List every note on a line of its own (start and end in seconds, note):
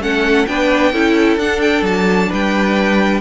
0.00 0.46 A3
0.00 0.47 C#4
0.00 0.49 A4
0.00 0.47 F#5
0.47 0.93 B3
0.47 0.94 D4
0.47 0.93 B4
0.47 1.38 G5
0.93 1.37 C#4
0.93 1.39 E4
0.93 2.29 A4
1.37 1.82 D4
1.37 3.21 D4
1.37 1.61 F#5
1.61 1.84 G5
1.82 2.28 F#3
1.82 2.32 A5
2.29 3.21 G3
2.29 3.21 B4
2.29 3.21 G5